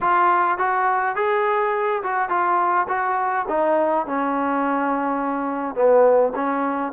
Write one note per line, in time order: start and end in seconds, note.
0.00 0.58 F4
0.58 1.15 F#4
1.15 2.02 G#4
2.02 2.29 F#4
2.29 2.86 F4
2.87 3.45 F#4
3.48 4.06 D#4
4.06 5.75 C#4
5.75 6.33 B3
6.35 6.92 C#4